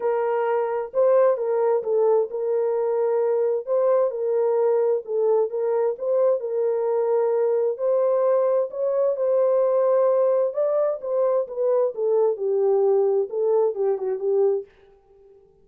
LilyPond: \new Staff \with { instrumentName = "horn" } { \time 4/4 \tempo 4 = 131 ais'2 c''4 ais'4 | a'4 ais'2. | c''4 ais'2 a'4 | ais'4 c''4 ais'2~ |
ais'4 c''2 cis''4 | c''2. d''4 | c''4 b'4 a'4 g'4~ | g'4 a'4 g'8 fis'8 g'4 | }